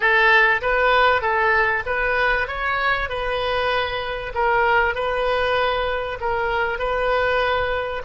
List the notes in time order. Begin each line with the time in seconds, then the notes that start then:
0.00 A4
0.61 B4
1.21 A4
1.86 B4
2.47 C#5
3.09 B4
4.34 A#4
4.94 B4
6.20 A#4
6.78 B4